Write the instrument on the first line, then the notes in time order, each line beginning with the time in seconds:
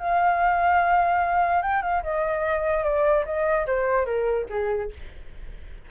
flute
0.00 F5
1.63 G5
1.83 F5
2.03 D#5
2.84 D5
3.26 D#5
3.67 C5
4.06 A#4
4.50 G#4